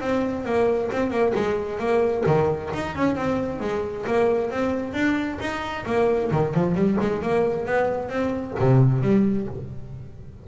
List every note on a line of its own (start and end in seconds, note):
0.00 0.45 C4
0.45 0.90 A#3
0.92 1.10 C4
1.10 1.33 A#3
1.35 1.79 G#3
1.79 2.24 A#3
2.26 2.71 D#3
2.74 2.95 D#4
2.95 3.15 C#4
3.15 3.60 C4
3.60 4.05 G#3
4.06 4.51 A#3
4.51 4.93 C4
4.93 5.38 D4
5.40 5.85 D#4
5.86 6.31 A#3
6.31 6.54 D#3
6.54 6.75 F3
6.75 6.97 G3
7.00 7.22 G#3
7.22 7.65 A#3
7.65 8.09 B3
8.09 8.54 C4
8.59 9.02 C3
9.02 9.47 G3